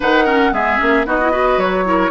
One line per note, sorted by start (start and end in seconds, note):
0.00 0.52 D#3
0.00 0.26 D#4
0.00 0.24 B4
0.00 0.53 F#5
0.24 0.52 C#4
0.24 0.50 A#4
0.52 0.78 G#3
0.52 0.78 B3
0.52 1.06 G#4
0.52 1.06 E5
0.78 1.06 A#3
0.78 1.04 C#4
1.05 1.57 B3
1.05 1.19 D#4
1.05 1.31 F#4
1.05 1.59 D#5
1.21 1.32 E4
1.31 1.84 F#4
1.31 1.84 B4
1.57 2.10 F#3
1.57 2.10 C#5
1.84 2.10 E4
1.84 2.10 A#4